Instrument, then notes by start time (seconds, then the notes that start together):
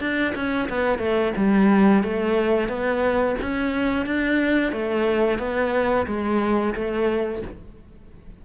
cello
0.00 D4
0.35 C#4
0.69 B3
0.99 A3
1.36 G3
2.03 A3
2.68 B3
3.41 C#4
4.05 D4
4.72 A3
5.38 B3
6.06 G#3
6.74 A3